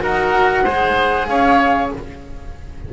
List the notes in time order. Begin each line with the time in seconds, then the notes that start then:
0.00 D#4 F#4 A#4 F#5
0.64 G#3 G#4 C5
1.26 C#4 C#5 F5